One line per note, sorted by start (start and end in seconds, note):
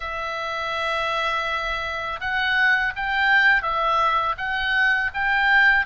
0.00 2.20 E5
2.20 2.93 F#5
2.95 3.62 G5
3.62 4.35 E5
4.37 5.11 F#5
5.14 5.85 G5